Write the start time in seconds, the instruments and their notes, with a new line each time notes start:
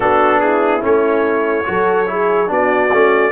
0.00 tuba B3, trombone D4, horn F#4, trumpet A4
0.39 horn E4, trumpet G#4
0.80 tuba A3, trombone C#4, trumpet C#5
1.64 tuba F#3, trombone F#4, horn A4
2.06 trombone E4, horn G#4
2.47 tuba B3, trombone D4, horn F#4, trumpet D5
2.92 tuba A3, trombone C#4